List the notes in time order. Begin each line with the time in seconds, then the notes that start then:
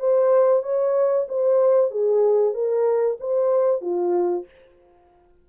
0.00 C5
0.63 C#5
1.29 C5
1.91 G#4
2.54 A#4
3.20 C5
3.82 F4